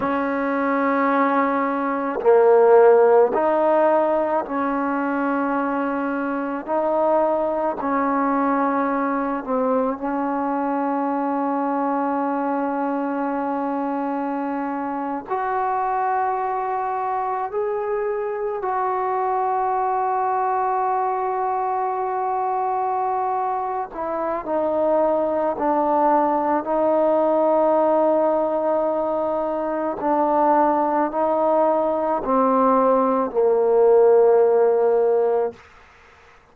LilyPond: \new Staff \with { instrumentName = "trombone" } { \time 4/4 \tempo 4 = 54 cis'2 ais4 dis'4 | cis'2 dis'4 cis'4~ | cis'8 c'8 cis'2.~ | cis'4.~ cis'16 fis'2 gis'16~ |
gis'8. fis'2.~ fis'16~ | fis'4. e'8 dis'4 d'4 | dis'2. d'4 | dis'4 c'4 ais2 | }